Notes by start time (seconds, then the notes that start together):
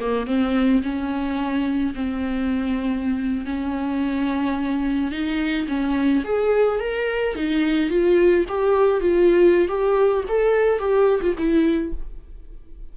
0.00 A#3
0.27 C4
0.83 C#4
1.95 C4
3.46 C#4
5.12 D#4
5.68 C#4
6.24 G#4
6.80 A#4
7.36 D#4
7.90 F4
8.49 G4
9.01 F4
9.69 G4
10.29 A4
10.80 G4
11.22 F4
11.38 E4